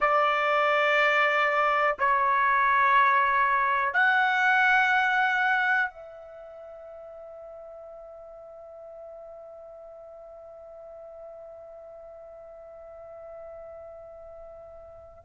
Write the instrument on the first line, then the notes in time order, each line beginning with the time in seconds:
trumpet
0.00 D5
1.99 C#5
3.93 F#5
5.90 E5